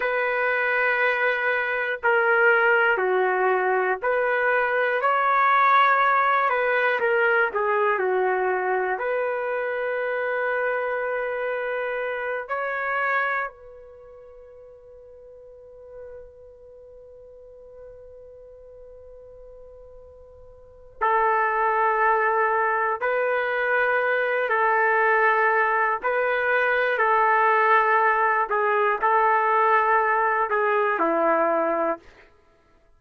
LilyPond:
\new Staff \with { instrumentName = "trumpet" } { \time 4/4 \tempo 4 = 60 b'2 ais'4 fis'4 | b'4 cis''4. b'8 ais'8 gis'8 | fis'4 b'2.~ | b'8 cis''4 b'2~ b'8~ |
b'1~ | b'4 a'2 b'4~ | b'8 a'4. b'4 a'4~ | a'8 gis'8 a'4. gis'8 e'4 | }